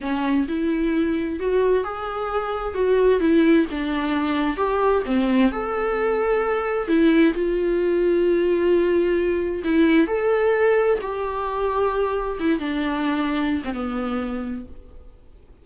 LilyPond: \new Staff \with { instrumentName = "viola" } { \time 4/4 \tempo 4 = 131 cis'4 e'2 fis'4 | gis'2 fis'4 e'4 | d'2 g'4 c'4 | a'2. e'4 |
f'1~ | f'4 e'4 a'2 | g'2. e'8 d'8~ | d'4.~ d'16 c'16 b2 | }